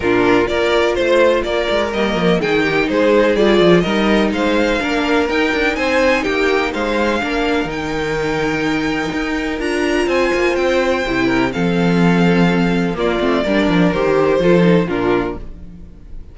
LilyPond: <<
  \new Staff \with { instrumentName = "violin" } { \time 4/4 \tempo 4 = 125 ais'4 d''4 c''4 d''4 | dis''4 g''4 c''4 d''4 | dis''4 f''2 g''4 | gis''4 g''4 f''2 |
g''1 | ais''4 gis''4 g''2 | f''2. d''4~ | d''4 c''2 ais'4 | }
  \new Staff \with { instrumentName = "violin" } { \time 4/4 f'4 ais'4 c''4 ais'4~ | ais'4 gis'8 g'8 gis'2 | ais'4 c''4 ais'2 | c''4 g'4 c''4 ais'4~ |
ais'1~ | ais'4 c''2~ c''8 ais'8 | a'2. f'4 | ais'2 a'4 f'4 | }
  \new Staff \with { instrumentName = "viola" } { \time 4/4 d'4 f'2. | ais4 dis'2 f'4 | dis'2 d'4 dis'4~ | dis'2. d'4 |
dis'1 | f'2. e'4 | c'2. ais8 c'8 | d'4 g'4 f'8 dis'8 d'4 | }
  \new Staff \with { instrumentName = "cello" } { \time 4/4 ais,4 ais4 a4 ais8 gis8 | g8 f8 dis4 gis4 g8 f8 | g4 gis4 ais4 dis'8 d'8 | c'4 ais4 gis4 ais4 |
dis2. dis'4 | d'4 c'8 ais8 c'4 c4 | f2. ais8 a8 | g8 f8 dis4 f4 ais,4 | }
>>